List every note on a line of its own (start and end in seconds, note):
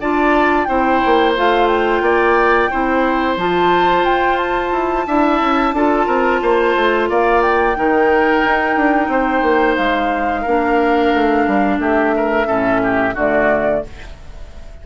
0.00 0.67 D4
0.00 0.68 F4
0.00 0.67 D5
0.00 0.64 A5
0.64 1.02 C4
0.64 1.35 E4
0.64 2.03 C5
0.64 1.32 G5
1.05 1.37 A#3
1.36 2.01 A3
1.36 2.71 F4
1.36 1.67 F5
1.67 3.35 G5
2.01 2.68 A#3
2.01 2.70 D5
2.70 3.36 C4
2.70 3.38 E4
2.70 5.06 C5
3.36 4.04 F3
3.36 5.07 F4
3.36 4.04 A5
4.04 4.72 F4
4.04 4.37 G5
4.37 7.07 A5
4.72 5.05 E4
5.07 5.40 D4
5.07 5.74 E4
5.07 5.74 E5
5.40 5.72 C#4
5.72 6.06 D4
5.72 7.76 F4
5.72 6.06 A4
6.06 6.41 C4
6.06 6.40 A#4
6.42 6.75 A#3
6.42 7.09 C5
6.75 7.09 A3
7.09 7.77 A#3
7.09 7.77 D5
7.09 7.41 F5
7.41 9.77 G5
7.76 8.44 D#3
7.76 10.45 D#4
7.76 9.11 A#4
8.44 8.76 D#4
8.76 9.08 D4
9.08 9.42 C4
9.08 10.41 C5
9.42 9.76 A#3
9.77 10.45 G#3
9.77 11.79 F5
10.41 11.13 A#3
10.41 12.46 D4
10.41 11.76 A#4
11.13 11.47 A3
11.47 11.79 G3
11.79 12.46 A3
11.79 12.14 G4
11.79 13.16 E5
12.16 12.47 A#4
12.46 13.15 A2
12.46 13.13 C#4
12.46 12.81 A4
12.83 13.14 G4
13.14 13.82 D3
13.14 13.84 A3
13.14 13.81 F#4
13.14 13.86 D5